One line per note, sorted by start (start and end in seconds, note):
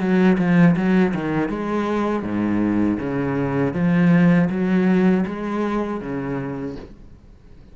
0.00 0.38 F#3
0.39 0.76 F3
0.77 1.14 F#3
1.15 1.49 D#3
1.49 2.23 G#3
2.23 2.98 G#2
3.00 3.74 C#3
3.74 4.49 F3
4.50 5.25 F#3
5.26 6.01 G#3
6.01 6.76 C#3